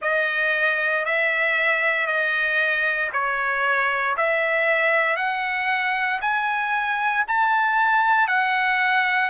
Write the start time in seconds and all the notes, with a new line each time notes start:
0.01 D#5
1.05 E5
2.06 D#5
3.12 C#5
4.17 E5
5.16 F#5
6.21 G#5
7.27 A5
8.28 F#5